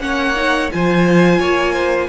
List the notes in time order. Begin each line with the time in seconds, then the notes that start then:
0.00 A#3 C#4 C#5 F#5
0.36 D#4
0.71 F3 F4 C5 G#5
1.39 A#3 C#5
1.73 C5